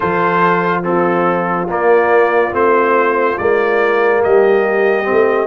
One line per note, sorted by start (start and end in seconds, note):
0.00 1.68 F3
0.00 0.83 F4
0.00 0.84 A4
0.00 0.82 C5
0.83 1.67 C4
0.83 4.22 F4
0.83 1.68 A4
1.68 2.52 A#3
1.68 2.51 A#3
1.68 2.54 D5
2.51 3.37 A3
2.51 3.36 C4
2.51 3.38 C5
3.38 4.23 G#3
3.38 5.03 A#3
3.38 4.22 D5
4.22 5.09 G3
4.22 5.47 G4
4.22 5.47 D#5
5.03 5.45 C4
5.10 5.47 A3